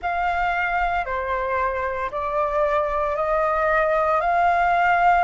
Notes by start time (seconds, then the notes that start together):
0.01 F5
1.05 C5
2.11 D5
3.16 D#5
4.21 F5